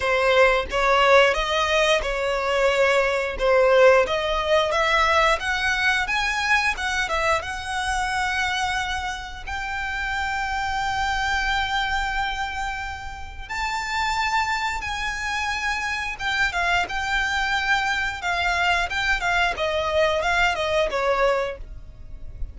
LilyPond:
\new Staff \with { instrumentName = "violin" } { \time 4/4 \tempo 4 = 89 c''4 cis''4 dis''4 cis''4~ | cis''4 c''4 dis''4 e''4 | fis''4 gis''4 fis''8 e''8 fis''4~ | fis''2 g''2~ |
g''1 | a''2 gis''2 | g''8 f''8 g''2 f''4 | g''8 f''8 dis''4 f''8 dis''8 cis''4 | }